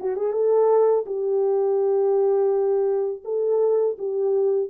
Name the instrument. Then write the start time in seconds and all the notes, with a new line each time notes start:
horn
0.00 F#4
0.16 G#4
0.33 A4
1.06 G4
3.24 A4
3.98 G4